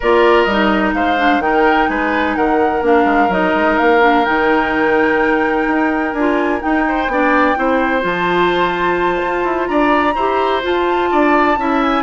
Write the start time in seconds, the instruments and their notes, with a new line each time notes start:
0.00 bassoon A#3, clarinet F4, oboe A#4, flute D5
0.43 bassoon G3, flute D#5
0.50 clarinet D#4
0.93 bassoon G#3, oboe C5, flute F5
1.17 clarinet D4
1.39 bassoon D#3, clarinet D#4, oboe A#4, flute G5
1.88 bassoon G#3, oboe B4, flute G#5
2.35 bassoon D#3, oboe A#4, flute F#5
2.81 bassoon A#3, clarinet D4, flute F5
3.05 bassoon G#3
3.28 bassoon F#3, clarinet D#4, flute D#5
3.54 bassoon G#3
3.77 bassoon A#3, flute F5
4.00 clarinet D4
4.25 bassoon D#3, clarinet D#4, flute G5
5.67 bassoon D#4
6.12 bassoon D4, clarinet F4, flute G#5
6.60 clarinet D#4, bassoon D#4, flute G5
6.87 oboe C5
7.07 bassoon B3, clarinet D4, oboe D5
7.55 bassoon C4, clarinet E4, oboe C5
8.00 bassoon F3, clarinet F4, flute A5
9.22 bassoon F4
9.43 bassoon E4
9.66 bassoon D4, oboe D5, flute A#5
10.14 bassoon E4, clarinet G4, oboe C5
10.62 clarinet F4, bassoon F4, flute A5
11.11 bassoon D4, oboe D5
11.57 bassoon C#4, clarinet E4, oboe E5
11.82 flute G#5